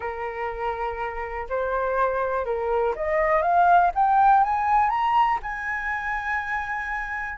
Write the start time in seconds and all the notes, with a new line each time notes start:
0.00 A#4
1.49 C5
2.45 A#4
2.95 D#5
3.42 F5
3.94 G5
4.43 G#5
4.89 A#5
5.42 G#5